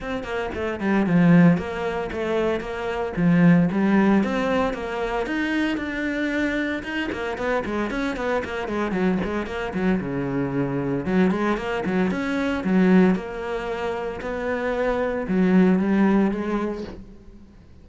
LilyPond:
\new Staff \with { instrumentName = "cello" } { \time 4/4 \tempo 4 = 114 c'8 ais8 a8 g8 f4 ais4 | a4 ais4 f4 g4 | c'4 ais4 dis'4 d'4~ | d'4 dis'8 ais8 b8 gis8 cis'8 b8 |
ais8 gis8 fis8 gis8 ais8 fis8 cis4~ | cis4 fis8 gis8 ais8 fis8 cis'4 | fis4 ais2 b4~ | b4 fis4 g4 gis4 | }